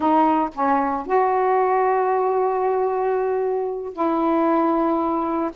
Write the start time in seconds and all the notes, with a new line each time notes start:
0.00 D#4
0.54 C#4
1.06 F#4
3.93 E4